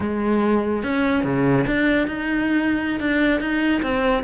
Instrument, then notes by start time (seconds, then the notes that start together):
cello
0.00 G#3
0.83 C#4
1.24 C#3
1.66 D4
2.07 D#4
2.99 D4
3.40 D#4
3.82 C4